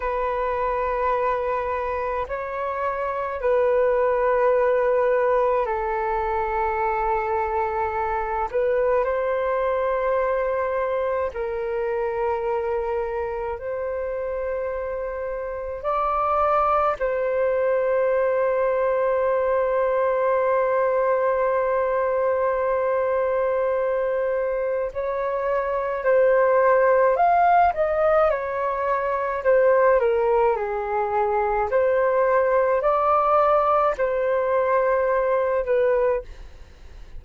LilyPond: \new Staff \with { instrumentName = "flute" } { \time 4/4 \tempo 4 = 53 b'2 cis''4 b'4~ | b'4 a'2~ a'8 b'8 | c''2 ais'2 | c''2 d''4 c''4~ |
c''1~ | c''2 cis''4 c''4 | f''8 dis''8 cis''4 c''8 ais'8 gis'4 | c''4 d''4 c''4. b'8 | }